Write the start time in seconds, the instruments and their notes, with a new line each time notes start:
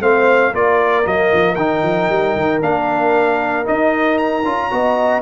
0.00 tuba A3, trombone C4, horn C5, trumpet F5
0.51 tuba A#3, trombone F4, horn A#4, trumpet D5
1.04 tuba F#3, trombone A#3, trumpet D#5
1.33 tuba F3
1.55 tuba D#3, trombone D#4, trumpet G5
1.82 tuba F3
2.09 tuba G3
2.35 tuba D#3
2.61 tuba A#3, trombone D4, trumpet F5
3.64 trombone D#4, tuba D#4, trumpet D#5
4.18 trumpet A#5
4.44 tuba C#4, trombone F4
4.70 tuba B3, trombone F#4, horn D#5